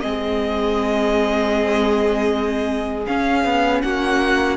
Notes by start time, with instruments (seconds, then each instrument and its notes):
0.00 cello G#3, viola C4, violin G#4 D#5
3.06 viola C#4, cello C#4, violin F5
3.44 cello B3
3.82 cello A#3, violin F#4 F#5